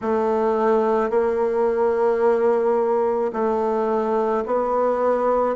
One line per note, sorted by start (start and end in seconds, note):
0.01 1.10 A3
1.10 3.32 A#3
3.32 4.43 A3
4.45 5.56 B3